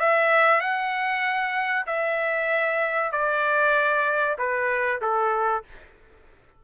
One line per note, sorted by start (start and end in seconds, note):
0.00 0.61 E5
0.61 1.86 F#5
1.87 3.12 E5
3.12 4.37 D5
4.38 5.01 B4
5.01 5.64 A4